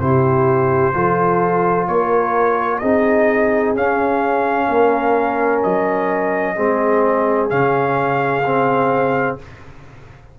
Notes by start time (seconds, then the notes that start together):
0.00 C3 E4 G4 C5
0.94 F3 F4 A4
1.87 A#3 A#4 C#5
2.79 C4 D#4 G#4 D#5
3.74 C#4 F5
4.69 A#3 A#4
5.63 F#3 D#5
6.56 G#3 C4 G#4
7.50 C#3 C#4 F5
8.45 C4